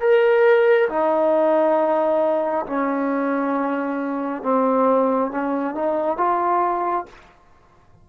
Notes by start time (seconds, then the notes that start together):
0.00 A#4
0.89 D#4
2.66 C#4
4.42 C4
5.31 C#4
5.74 D#4
6.17 F4